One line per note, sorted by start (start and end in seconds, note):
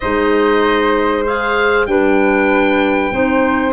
0.00 1.86 G#3
0.00 1.26 D#4
0.00 1.88 C5
0.00 1.24 D#5
1.26 1.87 G#4
1.26 1.86 F5
1.86 3.11 G3
1.86 3.12 D4
1.86 3.12 B4
1.86 3.73 G5
3.11 3.73 C4
3.11 3.73 D#4
3.11 3.73 C5